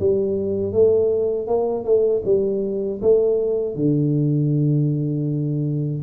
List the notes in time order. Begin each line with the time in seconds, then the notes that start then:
0.00 G3
0.73 A3
1.48 A#3
1.85 A3
2.25 G3
3.02 A3
3.76 D3